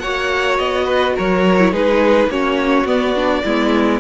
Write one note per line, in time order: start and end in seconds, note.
0.00 0.60 A#3
0.00 1.60 F#4
0.00 0.85 C#5
0.00 0.57 F#5
0.58 1.17 B3
0.58 1.15 D#5
0.85 1.13 B4
1.16 1.73 F#3
1.16 1.72 A#4
1.16 1.74 C#5
1.60 1.72 E4
1.72 2.27 G#3
1.72 2.29 D#4
1.72 2.30 G#4
1.72 2.31 B4
2.27 2.85 A#3
2.27 2.86 C#4
2.27 3.44 F#4
2.27 2.87 C#5
2.85 3.43 B3
2.85 3.15 B3
2.85 4.01 D5
3.15 3.44 D4
3.44 4.01 G#3
3.44 4.01 B3
3.44 4.01 E4